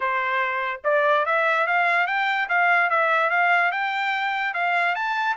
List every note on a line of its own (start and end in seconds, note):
0.00 0.81 C5
0.84 1.25 D5
1.25 1.66 E5
1.66 2.07 F5
2.07 2.48 G5
2.48 2.90 F5
2.90 3.30 E5
3.30 3.71 F5
3.71 4.53 G5
4.53 4.95 F5
4.95 5.36 A5